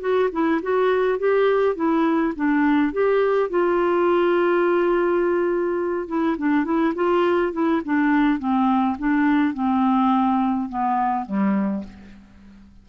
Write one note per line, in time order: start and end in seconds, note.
0.00 0.29 F#4
0.32 0.61 E4
0.62 1.18 F#4
1.18 1.75 G4
1.75 2.33 E4
2.35 2.92 D4
2.92 3.50 G4
3.50 6.07 F4
6.07 6.36 E4
6.38 6.64 D4
6.64 6.93 E4
6.95 7.52 F4
7.53 7.81 E4
7.85 8.39 D4
8.39 8.96 C4
8.98 9.53 D4
9.53 10.69 C4
10.69 11.26 B3
11.26 11.83 G3